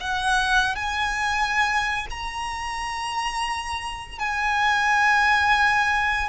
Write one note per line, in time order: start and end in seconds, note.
0.00 0.75 F#5
0.75 2.07 G#5
2.10 4.19 A#5
4.19 6.28 G#5